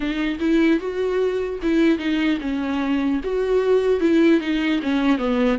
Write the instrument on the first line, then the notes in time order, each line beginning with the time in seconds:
viola
0.00 D#4
0.39 E4
0.79 F#4
1.62 E4
1.98 D#4
2.40 C#4
3.23 F#4
4.00 E4
4.40 D#4
4.82 C#4
5.18 B3